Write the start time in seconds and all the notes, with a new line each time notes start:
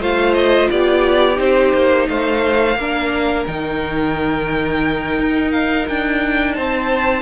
0.00 A3 F4 C5 F5
0.34 D#5
0.71 B3 G4 D5
1.35 C4 D#4 C5
1.74 A#3
2.08 A3 C5 F5
2.76 A#3 D4 A#4
3.47 D#3 D#4 G5
5.19 D#4
5.52 F5
5.88 D4 G5
6.54 C4 C5 A5